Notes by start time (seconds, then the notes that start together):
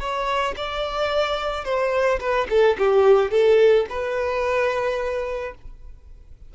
0.00 C#5
0.57 D5
1.65 C5
2.20 B4
2.50 A4
2.79 G4
3.31 A4
3.90 B4